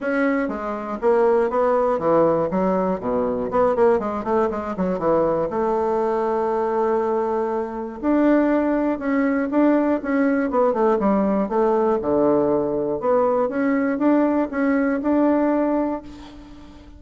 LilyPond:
\new Staff \with { instrumentName = "bassoon" } { \time 4/4 \tempo 4 = 120 cis'4 gis4 ais4 b4 | e4 fis4 b,4 b8 ais8 | gis8 a8 gis8 fis8 e4 a4~ | a1 |
d'2 cis'4 d'4 | cis'4 b8 a8 g4 a4 | d2 b4 cis'4 | d'4 cis'4 d'2 | }